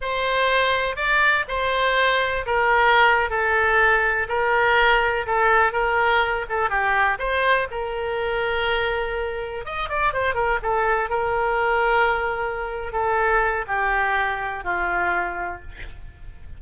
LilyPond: \new Staff \with { instrumentName = "oboe" } { \time 4/4 \tempo 4 = 123 c''2 d''4 c''4~ | c''4 ais'4.~ ais'16 a'4~ a'16~ | a'8. ais'2 a'4 ais'16~ | ais'4~ ais'16 a'8 g'4 c''4 ais'16~ |
ais'2.~ ais'8. dis''16~ | dis''16 d''8 c''8 ais'8 a'4 ais'4~ ais'16~ | ais'2~ ais'8 a'4. | g'2 f'2 | }